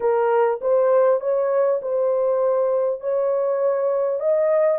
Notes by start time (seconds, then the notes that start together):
0.00 A#4
0.61 C5
1.20 C#5
1.81 C5
3.00 C#5
4.20 D#5